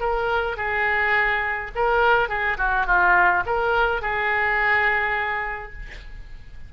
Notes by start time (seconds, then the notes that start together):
0.00 A#4
0.57 G#4
1.75 A#4
2.29 G#4
2.58 F#4
2.86 F4
3.46 A#4
4.02 G#4